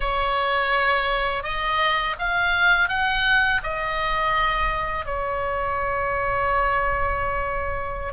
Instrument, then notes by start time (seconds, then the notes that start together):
oboe
0.00 C#5
1.43 D#5
2.19 F5
2.88 F#5
3.63 D#5
5.05 C#5